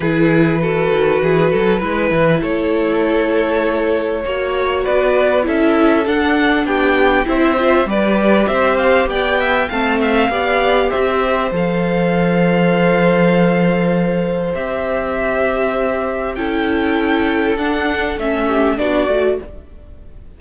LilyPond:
<<
  \new Staff \with { instrumentName = "violin" } { \time 4/4 \tempo 4 = 99 b'1 | cis''1 | d''4 e''4 fis''4 g''4 | e''4 d''4 e''8 f''8 g''4 |
a''8 f''4. e''4 f''4~ | f''1 | e''2. g''4~ | g''4 fis''4 e''4 d''4 | }
  \new Staff \with { instrumentName = "violin" } { \time 4/4 gis'4 a'4 gis'8 a'8 b'4 | a'2. cis''4 | b'4 a'2 g'4 | c''4 b'4 c''4 d''8 e''8 |
f''8 e''8 d''4 c''2~ | c''1~ | c''2. a'4~ | a'2~ a'8 g'8 fis'4 | }
  \new Staff \with { instrumentName = "viola" } { \time 4/4 e'4 fis'2 e'4~ | e'2. fis'4~ | fis'4 e'4 d'2 | e'8 f'8 g'2. |
c'4 g'2 a'4~ | a'1 | g'2. e'4~ | e'4 d'4 cis'4 d'8 fis'8 | }
  \new Staff \with { instrumentName = "cello" } { \time 4/4 e4. dis8 e8 fis8 gis8 e8 | a2. ais4 | b4 cis'4 d'4 b4 | c'4 g4 c'4 b4 |
a4 b4 c'4 f4~ | f1 | c'2. cis'4~ | cis'4 d'4 a4 b8 a8 | }
>>